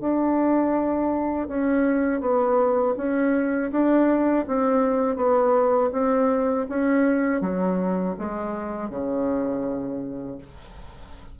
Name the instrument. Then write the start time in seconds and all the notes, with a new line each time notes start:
bassoon
0.00 D4
1.48 C#4
2.21 B3
2.97 C#4
3.71 D4
4.47 C4
5.16 B3
5.92 C4
6.69 C#4
7.41 F#3
8.19 G#3
8.90 C#3